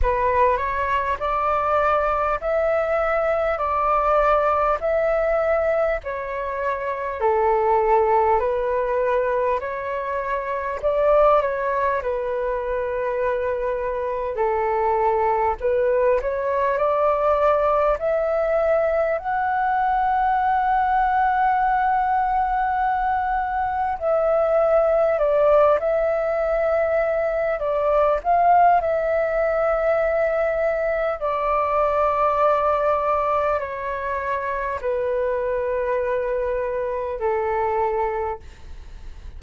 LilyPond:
\new Staff \with { instrumentName = "flute" } { \time 4/4 \tempo 4 = 50 b'8 cis''8 d''4 e''4 d''4 | e''4 cis''4 a'4 b'4 | cis''4 d''8 cis''8 b'2 | a'4 b'8 cis''8 d''4 e''4 |
fis''1 | e''4 d''8 e''4. d''8 f''8 | e''2 d''2 | cis''4 b'2 a'4 | }